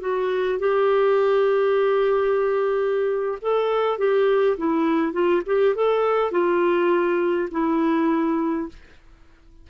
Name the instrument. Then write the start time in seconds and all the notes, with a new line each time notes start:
clarinet
0.00 F#4
0.59 G4
3.41 A4
3.98 G4
4.57 E4
5.12 F4
5.45 G4
5.75 A4
6.31 F4
7.51 E4